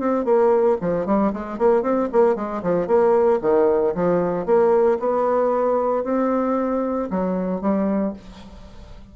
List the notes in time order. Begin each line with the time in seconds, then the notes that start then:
0.00 C4
0.25 A#3
0.81 F3
1.06 G3
1.33 G#3
1.58 A#3
1.83 C4
2.12 A#3
2.36 G#3
2.63 F3
2.87 A#3
3.42 D#3
3.95 F3
4.46 A#3
5.00 B3
6.04 C4
7.11 F#3
7.61 G3